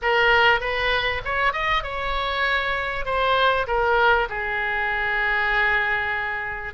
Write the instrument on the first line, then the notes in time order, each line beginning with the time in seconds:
oboe
0.02 A#4
0.60 B4
1.24 C#5
1.52 D#5
1.83 C#5
3.05 C5
3.67 A#4
4.29 G#4